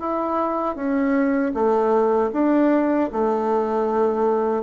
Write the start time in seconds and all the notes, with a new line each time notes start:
0.00 E4
0.76 C#4
1.54 A3
2.33 D4
3.12 A3